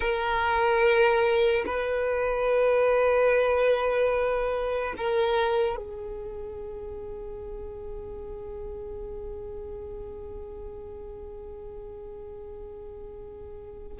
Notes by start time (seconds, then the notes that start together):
0.00 A#4
1.66 B4
4.97 A#4
5.76 G#4